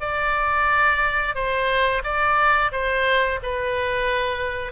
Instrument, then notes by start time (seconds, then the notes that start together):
oboe
0.00 D5
1.35 C5
2.04 D5
2.72 C5
3.42 B4